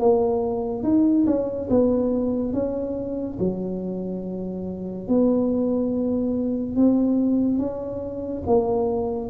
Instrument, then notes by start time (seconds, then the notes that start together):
tuba
0.00 A#3
0.84 D#4
1.27 C#4
1.71 B3
2.54 C#4
3.40 F#3
5.09 B3
6.77 C4
7.59 C#4
8.47 A#3